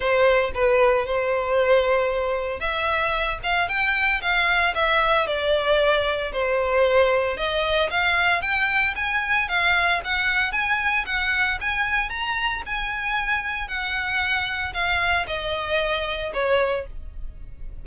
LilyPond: \new Staff \with { instrumentName = "violin" } { \time 4/4 \tempo 4 = 114 c''4 b'4 c''2~ | c''4 e''4. f''8 g''4 | f''4 e''4 d''2 | c''2 dis''4 f''4 |
g''4 gis''4 f''4 fis''4 | gis''4 fis''4 gis''4 ais''4 | gis''2 fis''2 | f''4 dis''2 cis''4 | }